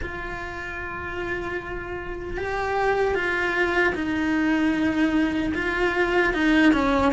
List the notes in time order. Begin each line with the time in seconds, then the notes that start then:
0.02 F4
2.37 G4
3.14 F4
3.94 D#4
5.54 F4
6.33 D#4
6.72 C#4